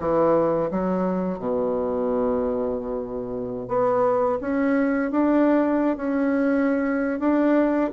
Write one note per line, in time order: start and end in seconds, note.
0.00 0.71 E3
0.71 1.39 F#3
1.39 3.69 B2
3.69 4.39 B3
4.41 5.12 C#4
5.12 5.97 D4
5.97 7.20 C#4
7.20 7.91 D4